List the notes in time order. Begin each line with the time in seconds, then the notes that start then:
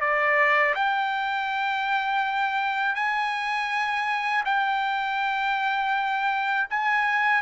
0.00 D5
0.74 G5
2.95 G#5
4.45 G5
6.70 G#5